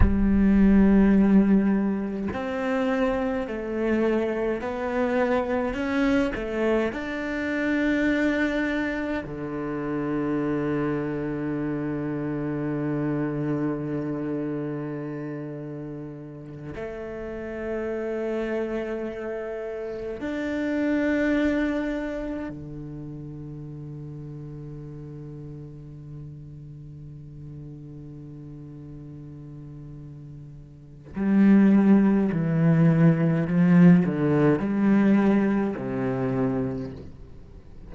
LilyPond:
\new Staff \with { instrumentName = "cello" } { \time 4/4 \tempo 4 = 52 g2 c'4 a4 | b4 cis'8 a8 d'2 | d1~ | d2~ d8 a4.~ |
a4. d'2 d8~ | d1~ | d2. g4 | e4 f8 d8 g4 c4 | }